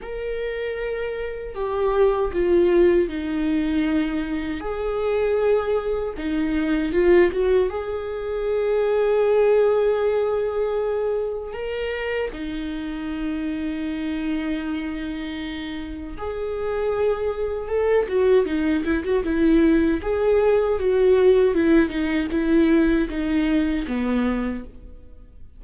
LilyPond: \new Staff \with { instrumentName = "viola" } { \time 4/4 \tempo 4 = 78 ais'2 g'4 f'4 | dis'2 gis'2 | dis'4 f'8 fis'8 gis'2~ | gis'2. ais'4 |
dis'1~ | dis'4 gis'2 a'8 fis'8 | dis'8 e'16 fis'16 e'4 gis'4 fis'4 | e'8 dis'8 e'4 dis'4 b4 | }